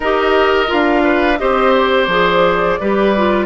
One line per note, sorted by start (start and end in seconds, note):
0.00 0.70 D#4
0.00 0.67 G4
0.00 1.02 A#4
0.00 0.71 D#5
0.67 1.41 D4
0.67 1.36 F4
0.67 1.38 F5
1.03 1.38 B4
1.38 2.07 C4
1.38 2.08 G4
1.38 2.80 C5
1.38 1.73 D#5
1.73 3.45 D5
2.07 2.77 F3
2.07 2.79 G#4
2.80 3.45 G3
2.80 3.15 G4
2.80 3.45 B4
3.16 3.45 F4